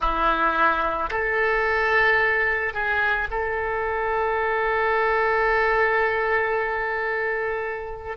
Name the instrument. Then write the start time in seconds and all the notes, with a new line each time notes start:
oboe
0.00 E4
1.10 A4
2.73 G#4
3.30 A4